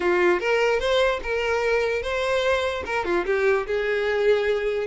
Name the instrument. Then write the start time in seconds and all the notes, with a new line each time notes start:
violin
0.00 F4
0.39 A#4
0.79 C5
1.22 A#4
2.02 C5
2.85 A#4
3.04 F4
3.25 G4
3.66 G#4